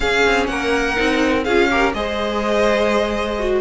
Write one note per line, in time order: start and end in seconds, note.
0.00 0.22 C#4
0.00 0.95 C#4
0.00 0.49 G#4
0.00 0.45 F5
0.26 0.49 C4
0.46 0.97 A#3
0.46 1.43 A#4
0.46 1.43 F#5
0.96 1.46 C4
0.96 1.44 D#4
1.43 1.93 C#4
1.43 1.69 F4
1.43 1.68 G#4
1.43 1.92 F5
1.69 1.93 G4
1.69 1.95 A#4
1.93 3.60 G#3
1.93 3.39 G#4
1.93 3.60 C5
1.93 3.60 D#5
3.39 3.60 F#4